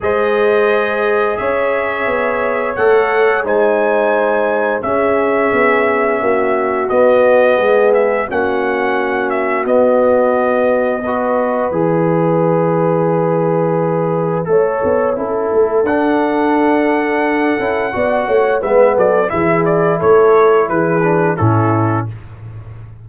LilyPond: <<
  \new Staff \with { instrumentName = "trumpet" } { \time 4/4 \tempo 4 = 87 dis''2 e''2 | fis''4 gis''2 e''4~ | e''2 dis''4. e''8 | fis''4. e''8 dis''2~ |
dis''4 e''2.~ | e''2. fis''4~ | fis''2. e''8 d''8 | e''8 d''8 cis''4 b'4 a'4 | }
  \new Staff \with { instrumentName = "horn" } { \time 4/4 c''2 cis''2~ | cis''4 c''2 gis'4~ | gis'4 fis'2 gis'4 | fis'1 |
b'1~ | b'4 cis''4 a'2~ | a'2 d''8 cis''8 b'8 a'8 | gis'4 a'4 gis'4 e'4 | }
  \new Staff \with { instrumentName = "trombone" } { \time 4/4 gis'1 | a'4 dis'2 cis'4~ | cis'2 b2 | cis'2 b2 |
fis'4 gis'2.~ | gis'4 a'4 e'4 d'4~ | d'4. e'8 fis'4 b4 | e'2~ e'8 d'8 cis'4 | }
  \new Staff \with { instrumentName = "tuba" } { \time 4/4 gis2 cis'4 b4 | a4 gis2 cis'4 | b4 ais4 b4 gis4 | ais2 b2~ |
b4 e2.~ | e4 a8 b8 cis'8 a8 d'4~ | d'4. cis'8 b8 a8 gis8 fis8 | e4 a4 e4 a,4 | }
>>